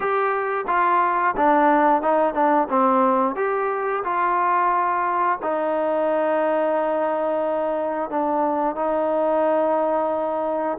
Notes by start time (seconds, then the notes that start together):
0.00 G4
0.67 F4
1.36 D4
2.01 D#4
2.34 D4
2.69 C4
3.35 G4
4.04 F4
5.42 D#4
8.09 D4
8.75 D#4